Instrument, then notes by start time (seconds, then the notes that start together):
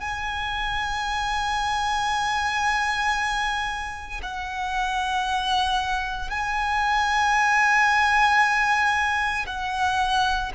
violin
0.00 G#5
4.22 F#5
6.30 G#5
9.46 F#5